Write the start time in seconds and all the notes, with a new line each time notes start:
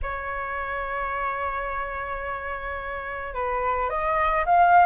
0.02 C#5
3.33 B4
3.89 D#5
4.45 F5